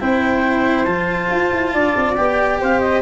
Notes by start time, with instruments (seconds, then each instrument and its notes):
0.00 tuba C4, cello E4, flute C5, clarinet G5
0.84 tuba F3, cello F4, clarinet A5
1.30 tuba F4
1.52 tuba E4
1.73 tuba D4, flute D5
1.96 tuba C4
2.15 tuba B3, cello G4, clarinet G5
2.60 tuba C4, flute C5, clarinet F5
2.80 clarinet D#5